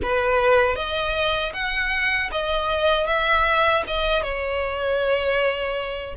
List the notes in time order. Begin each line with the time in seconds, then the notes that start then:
0.02 B4
0.75 D#5
1.53 F#5
2.31 D#5
3.06 E5
3.87 D#5
4.22 C#5